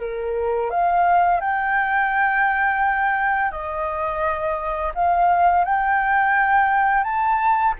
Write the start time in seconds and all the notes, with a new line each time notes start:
0.00 A#4
0.70 F5
1.41 G5
3.51 D#5
4.94 F5
5.65 G5
7.04 A5